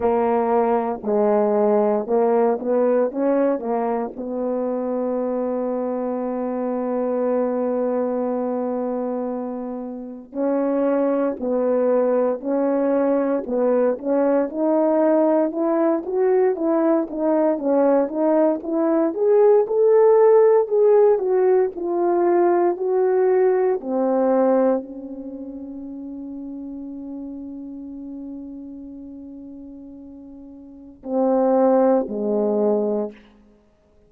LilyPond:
\new Staff \with { instrumentName = "horn" } { \time 4/4 \tempo 4 = 58 ais4 gis4 ais8 b8 cis'8 ais8 | b1~ | b2 cis'4 b4 | cis'4 b8 cis'8 dis'4 e'8 fis'8 |
e'8 dis'8 cis'8 dis'8 e'8 gis'8 a'4 | gis'8 fis'8 f'4 fis'4 c'4 | cis'1~ | cis'2 c'4 gis4 | }